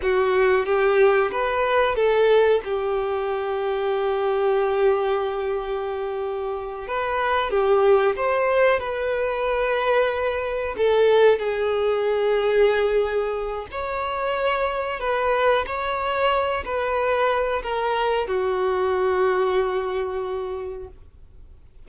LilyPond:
\new Staff \with { instrumentName = "violin" } { \time 4/4 \tempo 4 = 92 fis'4 g'4 b'4 a'4 | g'1~ | g'2~ g'8 b'4 g'8~ | g'8 c''4 b'2~ b'8~ |
b'8 a'4 gis'2~ gis'8~ | gis'4 cis''2 b'4 | cis''4. b'4. ais'4 | fis'1 | }